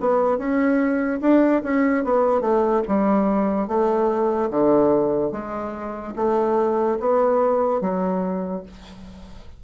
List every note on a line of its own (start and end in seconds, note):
0.00 0.37 B3
0.37 1.20 C#4
1.21 1.62 D4
1.63 2.04 C#4
2.04 2.41 B3
2.41 2.82 A3
2.87 3.67 G3
3.67 4.49 A3
4.50 5.31 D3
5.31 6.13 G#3
6.16 6.98 A3
6.99 7.80 B3
7.80 8.63 F#3